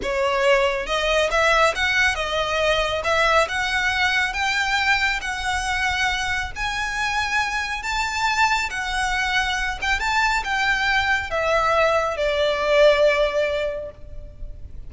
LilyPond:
\new Staff \with { instrumentName = "violin" } { \time 4/4 \tempo 4 = 138 cis''2 dis''4 e''4 | fis''4 dis''2 e''4 | fis''2 g''2 | fis''2. gis''4~ |
gis''2 a''2 | fis''2~ fis''8 g''8 a''4 | g''2 e''2 | d''1 | }